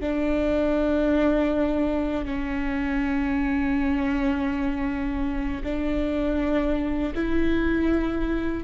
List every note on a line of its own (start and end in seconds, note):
0.00 2.25 D4
2.25 5.62 C#4
5.63 7.13 D4
7.14 8.63 E4